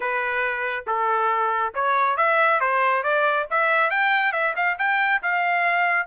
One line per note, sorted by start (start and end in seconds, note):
0.00 0.85 B4
0.86 1.73 A4
1.74 2.16 C#5
2.16 2.60 E5
2.60 3.03 C5
3.03 3.46 D5
3.50 3.90 E5
3.90 4.32 G5
4.32 4.54 E5
4.56 4.77 F5
4.78 5.21 G5
5.22 6.07 F5